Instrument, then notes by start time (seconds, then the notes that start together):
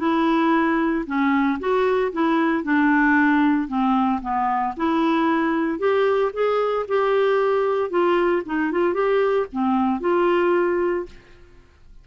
clarinet
0.00 E4
1.07 C#4
1.60 F#4
2.12 E4
2.64 D4
3.68 C4
4.22 B3
4.77 E4
5.79 G4
6.34 G#4
6.89 G4
7.90 F4
8.46 D#4
8.72 F4
8.94 G4
9.53 C4
10.01 F4